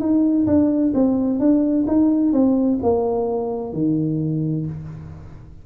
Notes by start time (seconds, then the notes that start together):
0.00 D#4
0.47 D4
0.95 C4
1.40 D4
1.88 D#4
2.33 C4
2.83 A#3
3.73 D#3